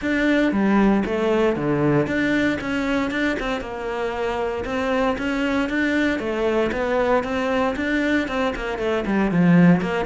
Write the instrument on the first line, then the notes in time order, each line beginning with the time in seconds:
cello
0.01 D4
0.52 G3
1.05 A3
1.56 D3
2.06 D4
2.60 C#4
3.10 D4
3.39 C4
3.61 A#3
4.65 C4
5.18 C#4
5.69 D4
6.19 A3
6.71 B3
7.23 C4
7.76 D4
8.28 C4
8.55 A#3
8.78 A3
9.06 G3
9.31 F3
9.81 A#3